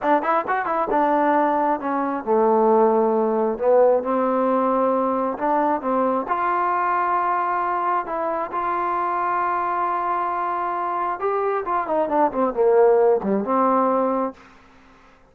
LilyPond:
\new Staff \with { instrumentName = "trombone" } { \time 4/4 \tempo 4 = 134 d'8 e'8 fis'8 e'8 d'2 | cis'4 a2. | b4 c'2. | d'4 c'4 f'2~ |
f'2 e'4 f'4~ | f'1~ | f'4 g'4 f'8 dis'8 d'8 c'8 | ais4. g8 c'2 | }